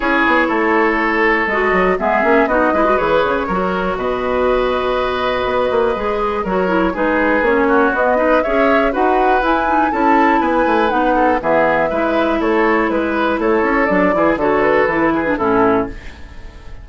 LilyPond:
<<
  \new Staff \with { instrumentName = "flute" } { \time 4/4 \tempo 4 = 121 cis''2. dis''4 | e''4 dis''4 cis''2 | dis''1~ | dis''4 cis''4 b'4 cis''4 |
dis''4 e''4 fis''4 gis''4 | a''4 gis''4 fis''4 e''4~ | e''4 cis''4 b'4 cis''4 | d''4 cis''8 b'4. a'4 | }
  \new Staff \with { instrumentName = "oboe" } { \time 4/4 gis'4 a'2. | gis'4 fis'8 b'4. ais'4 | b'1~ | b'4 ais'4 gis'4. fis'8~ |
fis'8 b'8 cis''4 b'2 | a'4 b'4. a'8 gis'4 | b'4 a'4 b'4 a'4~ | a'8 gis'8 a'4. gis'8 e'4 | }
  \new Staff \with { instrumentName = "clarinet" } { \time 4/4 e'2. fis'4 | b8 cis'8 dis'8 e'16 fis'16 gis'4 fis'4~ | fis'1 | gis'4 fis'8 e'8 dis'4 cis'4 |
b8 dis'8 gis'4 fis'4 e'8 dis'8 | e'2 dis'4 b4 | e'1 | d'8 e'8 fis'4 e'8. d'16 cis'4 | }
  \new Staff \with { instrumentName = "bassoon" } { \time 4/4 cis'8 b8 a2 gis8 fis8 | gis8 ais8 b8 gis8 e8 cis8 fis4 | b,2. b8 ais8 | gis4 fis4 gis4 ais4 |
b4 cis'4 dis'4 e'4 | cis'4 b8 a8 b4 e4 | gis4 a4 gis4 a8 cis'8 | fis8 e8 d4 e4 a,4 | }
>>